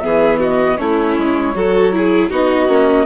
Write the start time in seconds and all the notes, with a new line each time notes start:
0.00 E3 B3 G#4 E5
0.39 F#4 D#5
0.77 A3 C#4 E4 C#5
1.18 G#3
1.54 F#3 F#4 A4
1.92 E4 G#4
2.30 B3 D#4 F#4 D#5
2.67 A#3 C#4